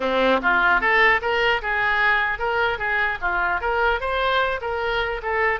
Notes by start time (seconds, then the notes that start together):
0.00 C4
0.42 F4
0.81 A4
1.21 A#4
1.61 G#4
2.39 A#4
2.78 G#4
3.21 F4
3.60 A#4
4.00 C5
4.61 A#4
5.22 A4